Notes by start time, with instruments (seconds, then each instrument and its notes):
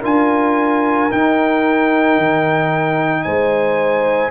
0.00 tuba D4, trombone F4, horn A#4, trumpet G#5
1.11 trombone D#4, tuba D#4, trumpet G5
2.18 tuba D#3
3.23 tuba G#3, horn C5, trumpet G#5